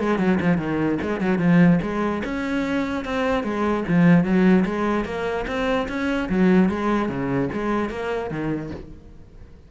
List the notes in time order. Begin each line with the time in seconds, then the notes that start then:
0.00 G#3
0.19 F#3
0.41 F3
0.58 D#3
1.02 G#3
1.21 F#3
1.39 F3
1.83 G#3
2.25 C#4
3.05 C4
3.44 G#3
3.88 F3
4.24 F#3
4.66 G#3
5.05 A#3
5.47 C4
5.89 C#4
6.30 F#3
6.70 G#3
7.09 C#3
7.53 G#3
7.90 A#3
8.31 D#3